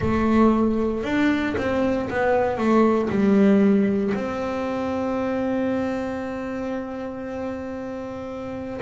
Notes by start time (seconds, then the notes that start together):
0.00 A3
1.03 D4
1.57 C4
2.10 B3
2.57 A3
3.09 G3
4.14 C4